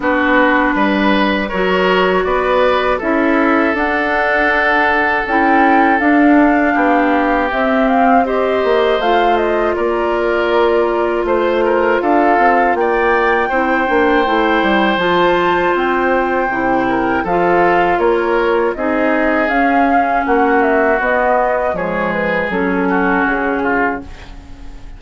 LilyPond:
<<
  \new Staff \with { instrumentName = "flute" } { \time 4/4 \tempo 4 = 80 b'2 cis''4 d''4 | e''4 fis''2 g''4 | f''2 e''8 f''8 dis''4 | f''8 dis''8 d''2 c''4 |
f''4 g''2. | a''4 g''2 f''4 | cis''4 dis''4 f''4 fis''8 e''8 | dis''4 cis''8 b'8 a'4 gis'4 | }
  \new Staff \with { instrumentName = "oboe" } { \time 4/4 fis'4 b'4 ais'4 b'4 | a'1~ | a'4 g'2 c''4~ | c''4 ais'2 c''8 ais'8 |
a'4 d''4 c''2~ | c''2~ c''8 ais'8 a'4 | ais'4 gis'2 fis'4~ | fis'4 gis'4. fis'4 f'8 | }
  \new Staff \with { instrumentName = "clarinet" } { \time 4/4 d'2 fis'2 | e'4 d'2 e'4 | d'2 c'4 g'4 | f'1~ |
f'2 e'8 d'8 e'4 | f'2 e'4 f'4~ | f'4 dis'4 cis'2 | b4 gis4 cis'2 | }
  \new Staff \with { instrumentName = "bassoon" } { \time 4/4 b4 g4 fis4 b4 | cis'4 d'2 cis'4 | d'4 b4 c'4. ais8 | a4 ais2 a4 |
d'8 c'8 ais4 c'8 ais8 a8 g8 | f4 c'4 c4 f4 | ais4 c'4 cis'4 ais4 | b4 f4 fis4 cis4 | }
>>